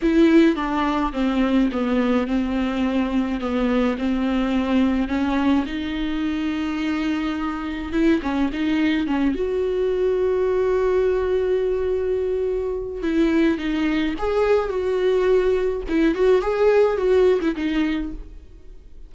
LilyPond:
\new Staff \with { instrumentName = "viola" } { \time 4/4 \tempo 4 = 106 e'4 d'4 c'4 b4 | c'2 b4 c'4~ | c'4 cis'4 dis'2~ | dis'2 e'8 cis'8 dis'4 |
cis'8 fis'2.~ fis'8~ | fis'2. e'4 | dis'4 gis'4 fis'2 | e'8 fis'8 gis'4 fis'8. e'16 dis'4 | }